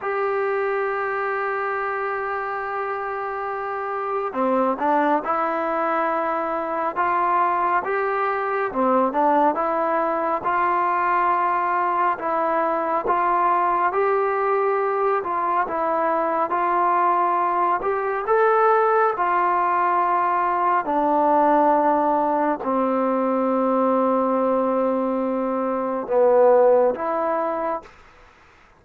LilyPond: \new Staff \with { instrumentName = "trombone" } { \time 4/4 \tempo 4 = 69 g'1~ | g'4 c'8 d'8 e'2 | f'4 g'4 c'8 d'8 e'4 | f'2 e'4 f'4 |
g'4. f'8 e'4 f'4~ | f'8 g'8 a'4 f'2 | d'2 c'2~ | c'2 b4 e'4 | }